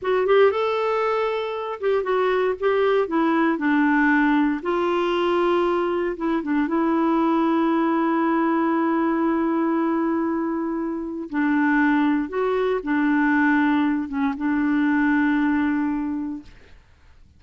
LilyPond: \new Staff \with { instrumentName = "clarinet" } { \time 4/4 \tempo 4 = 117 fis'8 g'8 a'2~ a'8 g'8 | fis'4 g'4 e'4 d'4~ | d'4 f'2. | e'8 d'8 e'2.~ |
e'1~ | e'2 d'2 | fis'4 d'2~ d'8 cis'8 | d'1 | }